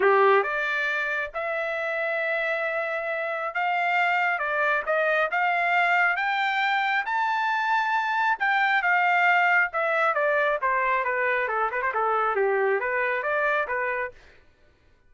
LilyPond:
\new Staff \with { instrumentName = "trumpet" } { \time 4/4 \tempo 4 = 136 g'4 d''2 e''4~ | e''1 | f''2 d''4 dis''4 | f''2 g''2 |
a''2. g''4 | f''2 e''4 d''4 | c''4 b'4 a'8 b'16 c''16 a'4 | g'4 b'4 d''4 b'4 | }